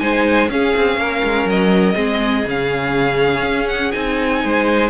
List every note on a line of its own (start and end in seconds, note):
0.00 0.50 G#3
0.00 0.49 D#4
0.00 0.51 C5
0.00 0.49 G#5
0.50 0.74 C#4
0.50 1.95 C#4
0.50 1.01 G#4
0.50 1.49 F5
0.77 0.97 C4
0.97 1.22 A#3
0.97 1.96 A#4
1.24 1.46 G#3
1.46 1.95 F#3
1.46 2.49 D#5
1.95 2.46 G#3
1.95 2.44 C4
1.95 4.41 G#4
2.46 3.43 C#3
2.46 3.93 C#4
2.46 3.69 F5
3.43 3.92 C#4
3.69 3.92 F#5
3.92 4.45 C4
3.92 4.91 D#4
3.92 4.90 G#5
4.45 4.91 G#3
4.45 4.91 C5